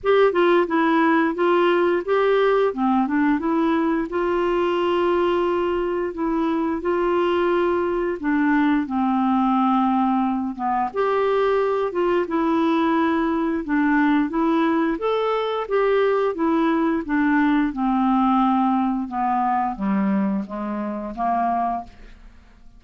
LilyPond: \new Staff \with { instrumentName = "clarinet" } { \time 4/4 \tempo 4 = 88 g'8 f'8 e'4 f'4 g'4 | c'8 d'8 e'4 f'2~ | f'4 e'4 f'2 | d'4 c'2~ c'8 b8 |
g'4. f'8 e'2 | d'4 e'4 a'4 g'4 | e'4 d'4 c'2 | b4 g4 gis4 ais4 | }